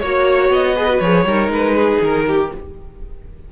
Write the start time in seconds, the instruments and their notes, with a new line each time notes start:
0.00 cello A#3, viola F#4, violin C#5
0.49 cello B3, violin D#5
0.76 viola G#4, violin B4
0.89 viola F#4
1.00 cello F3, viola G#4, violin C#5
1.25 cello G3, viola D#4, violin A#4
1.49 cello G#3, violin B4
1.76 violin G#4
2.02 cello D#3, violin A#4
2.27 violin G4